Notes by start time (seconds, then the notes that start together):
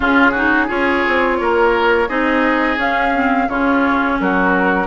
0.00 C#3 C#4 F4 G#4
0.31 D#4 F#4
0.67 C#4 F4 G#4 C#5
1.08 C4
1.40 A#3 A#4
2.08 C4 D#4 G#4 D#5
2.76 C#4 F5
3.14 C4
3.48 C#3 C#4 F4 C#5
4.20 F#3 F#4 A#4